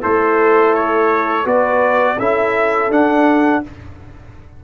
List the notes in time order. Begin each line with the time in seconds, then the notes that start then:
0.00 A3 E4 A4 C5
0.74 C#5
1.44 B3 F#4 B4 D5
2.18 C#4 E4 A4 E5
2.89 D4 F#5